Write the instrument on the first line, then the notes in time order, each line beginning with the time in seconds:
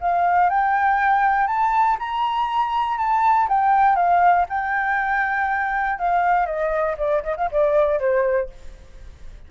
flute
0.00 F5
0.49 G5
1.47 A5
1.99 A#5
2.97 A5
3.48 G5
3.95 F5
4.49 G5
5.98 F5
6.45 D#5
6.97 D5
7.23 D#5
7.37 F5
7.51 D5
7.99 C5